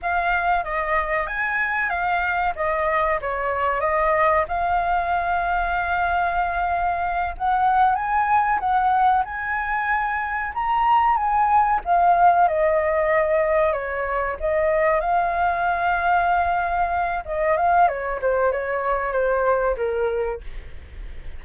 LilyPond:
\new Staff \with { instrumentName = "flute" } { \time 4/4 \tempo 4 = 94 f''4 dis''4 gis''4 f''4 | dis''4 cis''4 dis''4 f''4~ | f''2.~ f''8 fis''8~ | fis''8 gis''4 fis''4 gis''4.~ |
gis''8 ais''4 gis''4 f''4 dis''8~ | dis''4. cis''4 dis''4 f''8~ | f''2. dis''8 f''8 | cis''8 c''8 cis''4 c''4 ais'4 | }